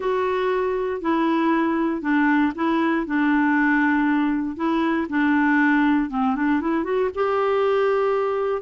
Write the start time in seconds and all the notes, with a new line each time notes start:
0.00 F#4
1.01 E4
2.01 D4
2.55 E4
3.06 D4
4.56 E4
5.09 D4
6.10 C4
6.35 D4
6.61 E4
6.84 F#4
7.14 G4